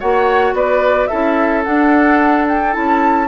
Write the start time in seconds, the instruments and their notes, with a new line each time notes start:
0.00 bassoon A#3, clarinet F#4, oboe C#5, flute F#5
0.53 bassoon B3, oboe B4, flute D5
1.07 bassoon C#4, clarinet E4, oboe A4, flute E5
1.64 clarinet D4, bassoon D4, flute F#5
2.49 flute G5
2.72 bassoon C#4, clarinet E4, flute A5